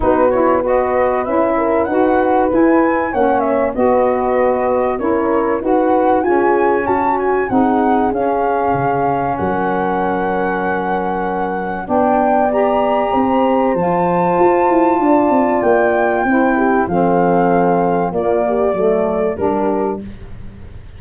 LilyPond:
<<
  \new Staff \with { instrumentName = "flute" } { \time 4/4 \tempo 4 = 96 b'8 cis''8 dis''4 e''4 fis''4 | gis''4 fis''8 e''8 dis''2 | cis''4 fis''4 gis''4 a''8 gis''8 | fis''4 f''2 fis''4~ |
fis''2. g''4 | ais''2 a''2~ | a''4 g''2 f''4~ | f''4 d''2 ais'4 | }
  \new Staff \with { instrumentName = "horn" } { \time 4/4 fis'4 b'4. ais'8 b'4~ | b'4 cis''4 b'2 | ais'4 b'4 gis'4 fis'4 | gis'2. ais'4~ |
ais'2. d''4~ | d''4 c''2. | d''2 c''8 g'8 a'4~ | a'4 f'8 g'8 a'4 g'4 | }
  \new Staff \with { instrumentName = "saxophone" } { \time 4/4 dis'8 e'8 fis'4 e'4 fis'4 | e'4 cis'4 fis'2 | e'4 fis'4 cis'2 | dis'4 cis'2.~ |
cis'2. d'4 | g'2 f'2~ | f'2 e'4 c'4~ | c'4 ais4 a4 d'4 | }
  \new Staff \with { instrumentName = "tuba" } { \time 4/4 b2 cis'4 dis'4 | e'4 ais4 b2 | cis'4 dis'4 f'4 fis'4 | c'4 cis'4 cis4 fis4~ |
fis2. b4~ | b4 c'4 f4 f'8 e'8 | d'8 c'8 ais4 c'4 f4~ | f4 ais4 fis4 g4 | }
>>